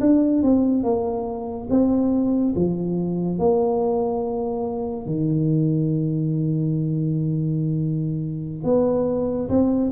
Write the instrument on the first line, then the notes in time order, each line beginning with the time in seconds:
tuba
0.00 D4
0.43 C4
0.83 A#3
1.70 C4
2.55 F3
3.38 A#3
5.06 D#3
8.64 B3
9.49 C4